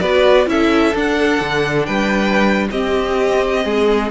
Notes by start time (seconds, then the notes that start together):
0.00 B3 F#4 B4 D5
0.46 C#4 E4 A4 E5
0.94 D4 F#5
1.40 D3
1.86 G3 B4 G5
2.71 C4 G4 D#5
3.64 G#3 G#4